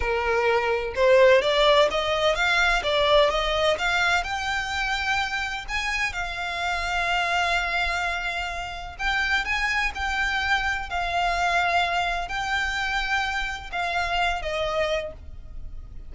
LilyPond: \new Staff \with { instrumentName = "violin" } { \time 4/4 \tempo 4 = 127 ais'2 c''4 d''4 | dis''4 f''4 d''4 dis''4 | f''4 g''2. | gis''4 f''2.~ |
f''2. g''4 | gis''4 g''2 f''4~ | f''2 g''2~ | g''4 f''4. dis''4. | }